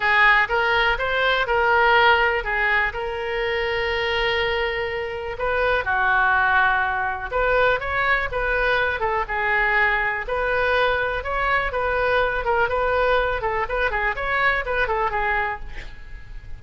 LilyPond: \new Staff \with { instrumentName = "oboe" } { \time 4/4 \tempo 4 = 123 gis'4 ais'4 c''4 ais'4~ | ais'4 gis'4 ais'2~ | ais'2. b'4 | fis'2. b'4 |
cis''4 b'4. a'8 gis'4~ | gis'4 b'2 cis''4 | b'4. ais'8 b'4. a'8 | b'8 gis'8 cis''4 b'8 a'8 gis'4 | }